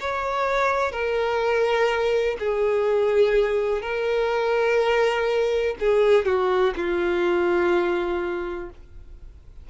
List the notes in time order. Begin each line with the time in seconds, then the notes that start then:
0.00 C#5
0.92 A#4
2.40 G#4
3.82 A#4
5.80 G#4
6.26 F#4
6.77 F4